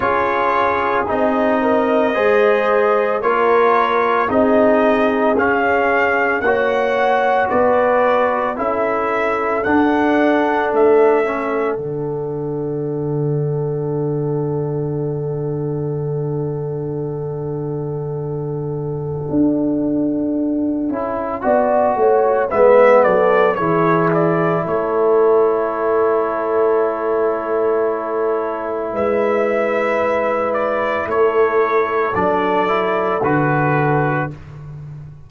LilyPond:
<<
  \new Staff \with { instrumentName = "trumpet" } { \time 4/4 \tempo 4 = 56 cis''4 dis''2 cis''4 | dis''4 f''4 fis''4 d''4 | e''4 fis''4 e''4 fis''4~ | fis''1~ |
fis''1~ | fis''4 e''8 d''8 cis''8 d''8 cis''4~ | cis''2. e''4~ | e''8 d''8 cis''4 d''4 b'4 | }
  \new Staff \with { instrumentName = "horn" } { \time 4/4 gis'4. ais'8 c''4 ais'4 | gis'2 cis''4 b'4 | a'1~ | a'1~ |
a'1 | d''8 cis''8 b'8 a'8 gis'4 a'4~ | a'2. b'4~ | b'4 a'2. | }
  \new Staff \with { instrumentName = "trombone" } { \time 4/4 f'4 dis'4 gis'4 f'4 | dis'4 cis'4 fis'2 | e'4 d'4. cis'8 d'4~ | d'1~ |
d'2.~ d'8 e'8 | fis'4 b4 e'2~ | e'1~ | e'2 d'8 e'8 fis'4 | }
  \new Staff \with { instrumentName = "tuba" } { \time 4/4 cis'4 c'4 gis4 ais4 | c'4 cis'4 ais4 b4 | cis'4 d'4 a4 d4~ | d1~ |
d2 d'4. cis'8 | b8 a8 gis8 fis8 e4 a4~ | a2. gis4~ | gis4 a4 fis4 d4 | }
>>